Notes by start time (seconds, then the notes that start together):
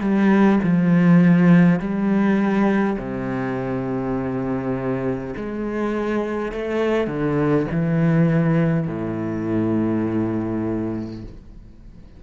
0.00 G3
0.63 F3
1.79 G3
2.98 C3
5.36 G#3
6.52 A3
7.07 D3
7.71 E3
8.88 A2